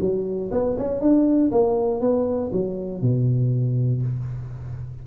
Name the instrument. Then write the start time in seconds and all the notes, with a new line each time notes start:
tuba
0.00 F#3
0.51 B3
0.78 C#4
1.00 D4
1.51 A#3
2.01 B3
2.52 F#3
3.01 B2